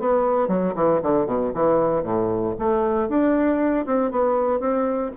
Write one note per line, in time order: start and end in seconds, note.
0.00 0.48 B3
0.48 0.74 F#3
0.75 1.01 E3
1.03 1.26 D3
1.26 1.52 B2
1.54 2.03 E3
2.03 2.55 A2
2.59 3.09 A3
3.09 3.86 D4
3.86 4.11 C4
4.11 4.60 B3
4.60 5.12 C4